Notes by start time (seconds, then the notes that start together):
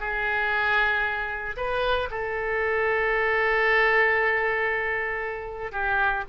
0.00 G#4
1.57 B4
2.11 A4
5.72 G4